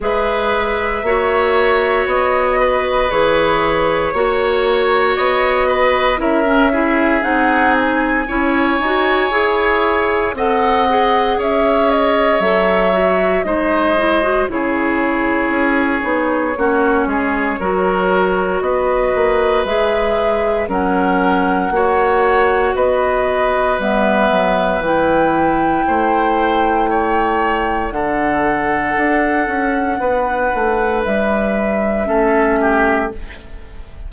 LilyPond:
<<
  \new Staff \with { instrumentName = "flute" } { \time 4/4 \tempo 4 = 58 e''2 dis''4 cis''4~ | cis''4 dis''4 e''4 fis''8 gis''8~ | gis''2 fis''4 e''8 dis''8 | e''4 dis''4 cis''2~ |
cis''2 dis''4 e''4 | fis''2 dis''4 e''4 | g''2. fis''4~ | fis''2 e''2 | }
  \new Staff \with { instrumentName = "oboe" } { \time 4/4 b'4 cis''4. b'4. | cis''4. b'8 ais'8 gis'4. | cis''2 dis''4 cis''4~ | cis''4 c''4 gis'2 |
fis'8 gis'8 ais'4 b'2 | ais'4 cis''4 b'2~ | b'4 c''4 cis''4 a'4~ | a'4 b'2 a'8 g'8 | }
  \new Staff \with { instrumentName = "clarinet" } { \time 4/4 gis'4 fis'2 gis'4 | fis'2 e'16 cis'16 e'8 dis'4 | e'8 fis'8 gis'4 a'8 gis'4. | a'8 fis'8 dis'8 e'16 fis'16 e'4. dis'8 |
cis'4 fis'2 gis'4 | cis'4 fis'2 b4 | e'2. d'4~ | d'2. cis'4 | }
  \new Staff \with { instrumentName = "bassoon" } { \time 4/4 gis4 ais4 b4 e4 | ais4 b4 cis'4 c'4 | cis'8 dis'8 e'4 c'4 cis'4 | fis4 gis4 cis4 cis'8 b8 |
ais8 gis8 fis4 b8 ais8 gis4 | fis4 ais4 b4 g8 fis8 | e4 a2 d4 | d'8 cis'8 b8 a8 g4 a4 | }
>>